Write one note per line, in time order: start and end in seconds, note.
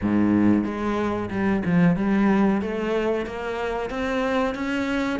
0.01 0.64 G#2
0.64 1.29 G#3
1.30 1.63 G3
1.65 1.96 F3
1.96 2.61 G3
2.61 3.25 A3
3.25 3.90 A#3
3.90 4.54 C4
4.54 5.19 C#4